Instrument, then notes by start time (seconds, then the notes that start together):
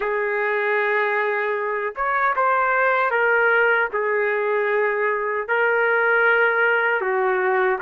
trumpet
0.00 G#4
1.96 C#5
2.36 C5
3.10 A#4
3.92 G#4
5.48 A#4
7.01 F#4